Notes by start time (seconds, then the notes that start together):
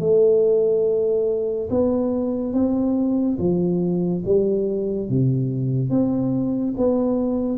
0.00 A3
1.70 B3
2.54 C4
3.38 F3
4.25 G3
5.09 C3
5.90 C4
6.77 B3